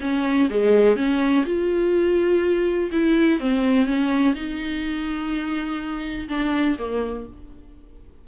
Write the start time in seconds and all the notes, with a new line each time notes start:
0.00 C#4
0.49 G#3
0.96 C#4
1.45 F4
2.91 E4
3.39 C4
3.85 C#4
4.34 D#4
6.28 D4
6.78 A#3